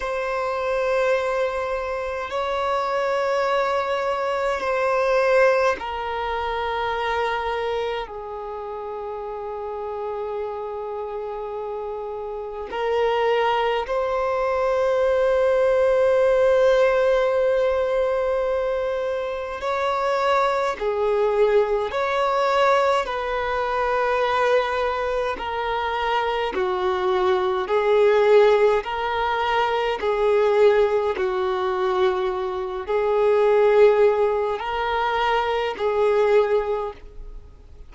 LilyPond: \new Staff \with { instrumentName = "violin" } { \time 4/4 \tempo 4 = 52 c''2 cis''2 | c''4 ais'2 gis'4~ | gis'2. ais'4 | c''1~ |
c''4 cis''4 gis'4 cis''4 | b'2 ais'4 fis'4 | gis'4 ais'4 gis'4 fis'4~ | fis'8 gis'4. ais'4 gis'4 | }